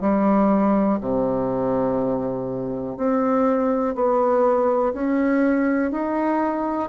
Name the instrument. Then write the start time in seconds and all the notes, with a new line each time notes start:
bassoon
0.00 G3
1.01 C3
2.97 C4
3.94 B3
4.93 C#4
5.91 D#4